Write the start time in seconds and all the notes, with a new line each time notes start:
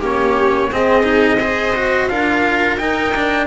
0.00 A#3 C#4 G4 C#5
0.71 C4 G#4 D#5
1.03 D#4
1.41 G#4 C5
1.76 F#4
2.08 D4 F4 A#4 F5
2.78 D#4 G5
3.15 D4